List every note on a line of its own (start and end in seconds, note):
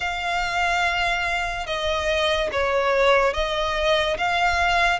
0.00 1.66 F5
1.66 2.49 D#5
2.52 3.33 C#5
3.33 4.17 D#5
4.17 4.99 F5